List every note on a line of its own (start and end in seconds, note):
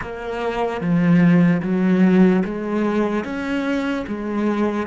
0.01 0.80 A#3
0.80 1.61 F3
1.62 2.43 F#3
2.45 3.24 G#3
3.24 4.05 C#4
4.07 4.86 G#3